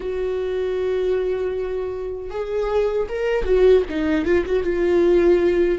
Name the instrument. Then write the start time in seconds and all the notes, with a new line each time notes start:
viola
0.00 F#4
2.30 G#4
3.08 A#4
3.44 F#4
3.89 D#4
4.25 F4
4.45 F#4
4.63 F4